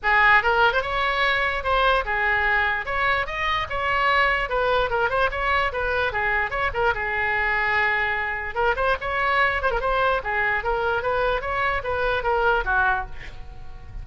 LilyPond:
\new Staff \with { instrumentName = "oboe" } { \time 4/4 \tempo 4 = 147 gis'4 ais'8. c''16 cis''2 | c''4 gis'2 cis''4 | dis''4 cis''2 b'4 | ais'8 c''8 cis''4 b'4 gis'4 |
cis''8 ais'8 gis'2.~ | gis'4 ais'8 c''8 cis''4. c''16 ais'16 | c''4 gis'4 ais'4 b'4 | cis''4 b'4 ais'4 fis'4 | }